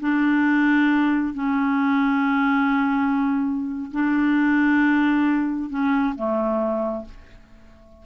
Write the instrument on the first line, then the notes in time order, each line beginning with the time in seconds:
clarinet
0.00 D4
1.34 C#4
3.91 D4
5.70 C#4
6.15 A3